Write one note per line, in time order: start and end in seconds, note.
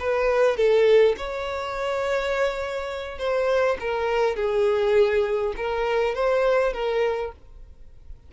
0.00 0.57 B4
0.57 1.16 A4
1.18 3.19 C#5
3.19 3.78 C5
3.80 4.37 A#4
4.37 5.54 G#4
5.57 6.15 A#4
6.15 6.74 C5
6.74 7.33 A#4